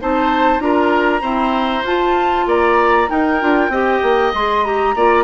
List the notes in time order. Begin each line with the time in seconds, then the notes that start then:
0.00 C4 D#4 C5 A5
0.60 D4 F4 A#4 A#5
1.20 C4 E4 C5
1.84 F4 A5
2.46 A#3 D5 A#5
3.08 D#4 A#4 G5
3.40 D4 F4
3.69 C4 G4 D#5
4.03 A#3
4.34 G#3 G#4 C6
4.65 G4 A#5
4.95 A#3 F4 D5